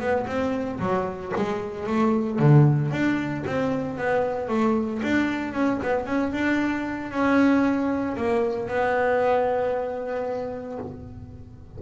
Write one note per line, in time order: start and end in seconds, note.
0.00 0.26 B3
0.27 0.80 C4
0.80 1.33 F#3
1.36 1.87 G#3
1.87 2.40 A3
2.40 2.92 D3
2.92 3.44 D4
3.47 3.98 C4
3.98 4.49 B3
4.49 5.01 A3
5.03 5.54 D4
5.54 5.80 C#4
5.83 6.06 B3
6.06 6.33 C#4
6.33 7.12 D4
7.12 8.17 C#4
8.17 8.68 A#3
8.68 10.79 B3